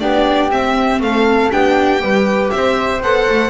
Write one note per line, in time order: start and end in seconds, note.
0.00 0.51 B3
0.00 0.50 D4
0.00 1.02 G4
0.00 0.51 D5
0.51 1.01 C4
0.51 1.52 C4
0.51 1.02 E5
1.01 1.51 A3
1.01 1.52 A4
1.01 1.52 F5
1.52 2.02 B3
1.52 2.00 D4
1.52 2.03 G4
1.52 2.51 G5
2.00 2.52 G3
2.00 3.01 G4
2.00 2.53 B4
2.51 3.02 C4
2.51 3.51 C5
2.51 3.01 E5
3.02 3.28 B3
3.02 3.51 A4
3.02 3.51 F#5
3.30 3.51 A3